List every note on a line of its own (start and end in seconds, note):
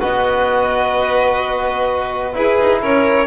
0.00 2.36 B3
0.00 2.33 F#4
0.00 2.34 B4
0.00 2.35 D#5
2.33 3.27 E4
2.33 2.59 E4
2.33 2.82 G#4
2.33 2.82 B4
2.60 2.82 D#4
2.82 3.27 C#4
2.82 3.27 A#4
2.82 3.27 C#5